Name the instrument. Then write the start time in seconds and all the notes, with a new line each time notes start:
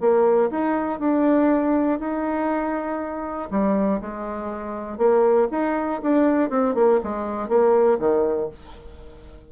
bassoon
0.00 A#3
0.50 D#4
0.99 D4
1.99 D#4
3.50 G3
4.01 G#3
4.98 A#3
5.51 D#4
6.02 D4
6.50 C4
6.75 A#3
7.03 G#3
7.49 A#3
7.99 D#3